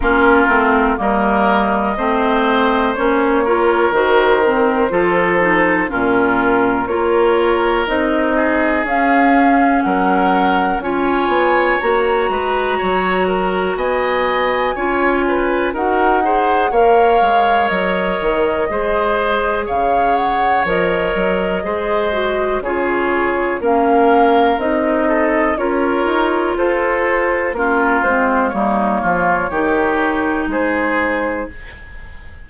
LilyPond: <<
  \new Staff \with { instrumentName = "flute" } { \time 4/4 \tempo 4 = 61 ais'4 dis''2 cis''4 | c''2 ais'4 cis''4 | dis''4 f''4 fis''4 gis''4 | ais''2 gis''2 |
fis''4 f''4 dis''2 | f''8 fis''8 dis''2 cis''4 | f''4 dis''4 cis''4 c''4 | ais'8 c''8 cis''2 c''4 | }
  \new Staff \with { instrumentName = "oboe" } { \time 4/4 f'4 ais'4 c''4. ais'8~ | ais'4 a'4 f'4 ais'4~ | ais'8 gis'4. ais'4 cis''4~ | cis''8 b'8 cis''8 ais'8 dis''4 cis''8 b'8 |
ais'8 c''8 cis''2 c''4 | cis''2 c''4 gis'4 | ais'4. a'8 ais'4 a'4 | f'4 dis'8 f'8 g'4 gis'4 | }
  \new Staff \with { instrumentName = "clarinet" } { \time 4/4 cis'8 c'8 ais4 c'4 cis'8 f'8 | fis'8 c'8 f'8 dis'8 cis'4 f'4 | dis'4 cis'2 f'4 | fis'2. f'4 |
fis'8 gis'8 ais'2 gis'4~ | gis'4 ais'4 gis'8 fis'8 f'4 | cis'4 dis'4 f'2 | cis'8 c'8 ais4 dis'2 | }
  \new Staff \with { instrumentName = "bassoon" } { \time 4/4 ais8 a8 g4 a4 ais4 | dis4 f4 ais,4 ais4 | c'4 cis'4 fis4 cis'8 b8 | ais8 gis8 fis4 b4 cis'4 |
dis'4 ais8 gis8 fis8 dis8 gis4 | cis4 f8 fis8 gis4 cis4 | ais4 c'4 cis'8 dis'8 f'4 | ais8 gis8 g8 f8 dis4 gis4 | }
>>